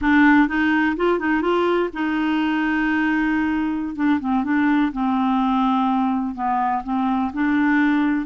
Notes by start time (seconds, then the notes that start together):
0.01 D4
0.47 D#4
0.96 F4
1.19 D#4
1.41 F4
1.93 D#4
3.95 D4
4.20 C4
4.44 D4
4.92 C4
6.34 B3
6.83 C4
7.33 D4